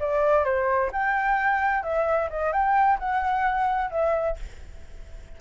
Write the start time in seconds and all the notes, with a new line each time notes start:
0.00 D5
0.45 C5
0.92 G5
1.83 E5
2.30 D#5
2.53 G5
2.99 F#5
3.91 E5